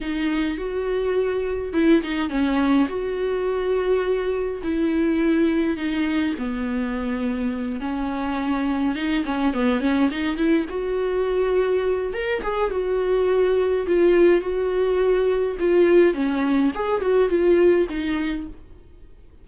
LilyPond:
\new Staff \with { instrumentName = "viola" } { \time 4/4 \tempo 4 = 104 dis'4 fis'2 e'8 dis'8 | cis'4 fis'2. | e'2 dis'4 b4~ | b4. cis'2 dis'8 |
cis'8 b8 cis'8 dis'8 e'8 fis'4.~ | fis'4 ais'8 gis'8 fis'2 | f'4 fis'2 f'4 | cis'4 gis'8 fis'8 f'4 dis'4 | }